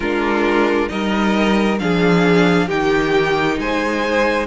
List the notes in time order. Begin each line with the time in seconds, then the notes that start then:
0.00 G#3 D4 F4 A#4
0.88 G3 D#4 A#4 D#5
1.79 F3 D4 G#4 F5
2.67 D#3 D#4 G4 G5
3.58 G#3 C5 G#5